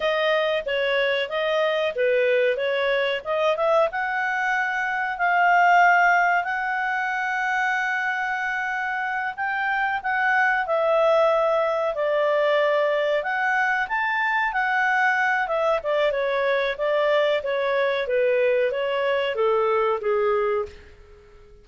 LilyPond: \new Staff \with { instrumentName = "clarinet" } { \time 4/4 \tempo 4 = 93 dis''4 cis''4 dis''4 b'4 | cis''4 dis''8 e''8 fis''2 | f''2 fis''2~ | fis''2~ fis''8 g''4 fis''8~ |
fis''8 e''2 d''4.~ | d''8 fis''4 a''4 fis''4. | e''8 d''8 cis''4 d''4 cis''4 | b'4 cis''4 a'4 gis'4 | }